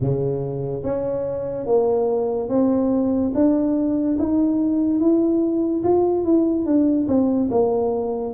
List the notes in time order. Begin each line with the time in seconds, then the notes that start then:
0.00 C#3
0.83 C#4
1.66 A#3
2.48 C4
3.34 D4
4.18 D#4
5.00 E4
5.83 F4
6.24 E4
6.65 D4
7.08 C4
7.50 A#3